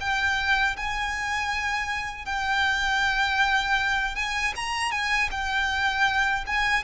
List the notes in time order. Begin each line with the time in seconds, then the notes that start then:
0.00 G5
0.76 G#5
2.25 G5
4.15 G#5
4.55 A#5
4.91 G#5
5.31 G5
6.46 G#5